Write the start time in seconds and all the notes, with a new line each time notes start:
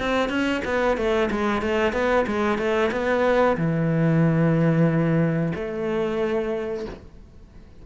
0.00 C4
0.30 C#4
0.65 B3
0.98 A3
1.31 G#3
1.62 A3
1.93 B3
2.27 G#3
2.58 A3
2.92 B3
3.58 E3
5.56 A3